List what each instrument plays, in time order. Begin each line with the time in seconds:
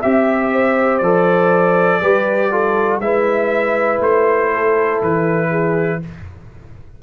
0.00 tuba C4, trombone G4, horn E5, trumpet E5
0.53 horn C5
0.98 tuba F3, trombone A4, trumpet D5
2.02 tuba G3, trombone G4, horn B4
2.52 trombone F4, horn A4
2.99 tuba G#3, trombone E4, horn B4, trumpet E5
4.00 tuba A3, trumpet C5
4.53 horn A4
5.02 tuba E3, trumpet B4
5.50 horn G#4